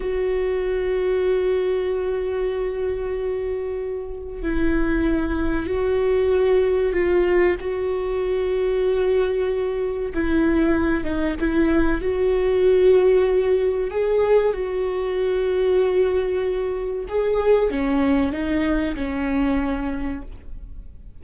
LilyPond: \new Staff \with { instrumentName = "viola" } { \time 4/4 \tempo 4 = 95 fis'1~ | fis'2. e'4~ | e'4 fis'2 f'4 | fis'1 |
e'4. dis'8 e'4 fis'4~ | fis'2 gis'4 fis'4~ | fis'2. gis'4 | cis'4 dis'4 cis'2 | }